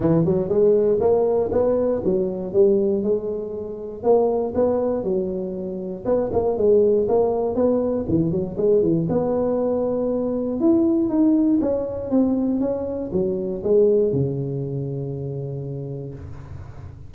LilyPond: \new Staff \with { instrumentName = "tuba" } { \time 4/4 \tempo 4 = 119 e8 fis8 gis4 ais4 b4 | fis4 g4 gis2 | ais4 b4 fis2 | b8 ais8 gis4 ais4 b4 |
e8 fis8 gis8 e8 b2~ | b4 e'4 dis'4 cis'4 | c'4 cis'4 fis4 gis4 | cis1 | }